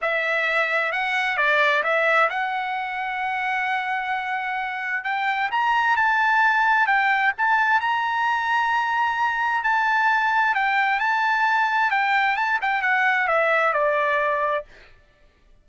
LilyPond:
\new Staff \with { instrumentName = "trumpet" } { \time 4/4 \tempo 4 = 131 e''2 fis''4 d''4 | e''4 fis''2.~ | fis''2. g''4 | ais''4 a''2 g''4 |
a''4 ais''2.~ | ais''4 a''2 g''4 | a''2 g''4 a''8 g''8 | fis''4 e''4 d''2 | }